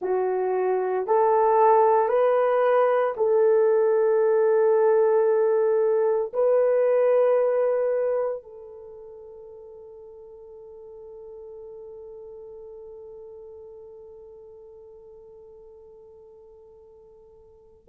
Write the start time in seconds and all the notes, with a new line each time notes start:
0.01 F#4
1.06 A4
2.08 B4
3.16 A4
6.33 B4
8.43 A4